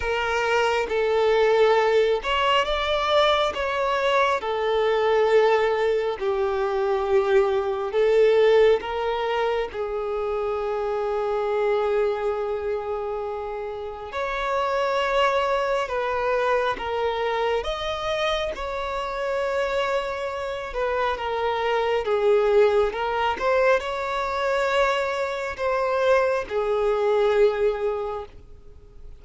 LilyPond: \new Staff \with { instrumentName = "violin" } { \time 4/4 \tempo 4 = 68 ais'4 a'4. cis''8 d''4 | cis''4 a'2 g'4~ | g'4 a'4 ais'4 gis'4~ | gis'1 |
cis''2 b'4 ais'4 | dis''4 cis''2~ cis''8 b'8 | ais'4 gis'4 ais'8 c''8 cis''4~ | cis''4 c''4 gis'2 | }